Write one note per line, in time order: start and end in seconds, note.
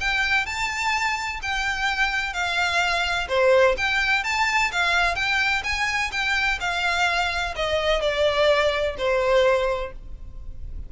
0.00 0.46 G5
0.46 1.40 A5
1.42 2.33 G5
2.33 3.28 F5
3.28 3.76 C5
3.77 4.24 G5
4.24 4.71 A5
4.72 5.15 F5
5.15 5.62 G5
5.64 6.11 G#5
6.12 6.59 G5
6.60 7.54 F5
7.56 8.01 D#5
8.01 8.96 D5
8.98 9.92 C5